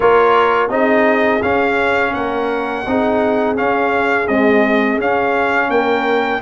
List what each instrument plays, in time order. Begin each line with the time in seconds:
0.00 tuba A#3, trombone F4, horn A#4, trumpet C#5
0.69 tuba C4, trombone D#4, horn G#4, trumpet D#5
1.42 tuba C#4, trombone C#4, trumpet F5
2.12 tuba A#3, horn A#4, trumpet F#5
2.86 tuba C4, trombone D#4, horn G#4
3.56 trombone C#4, tuba C#4, trumpet F5
4.27 trombone G#3, tuba C4, trumpet D#5
4.99 tuba C#4, trombone C#4, trumpet F5
5.69 tuba A#3, horn A#4, trumpet G5